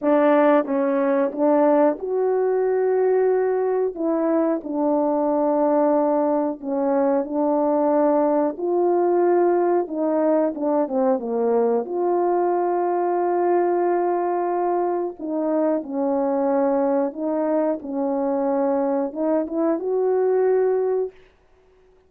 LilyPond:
\new Staff \with { instrumentName = "horn" } { \time 4/4 \tempo 4 = 91 d'4 cis'4 d'4 fis'4~ | fis'2 e'4 d'4~ | d'2 cis'4 d'4~ | d'4 f'2 dis'4 |
d'8 c'8 ais4 f'2~ | f'2. dis'4 | cis'2 dis'4 cis'4~ | cis'4 dis'8 e'8 fis'2 | }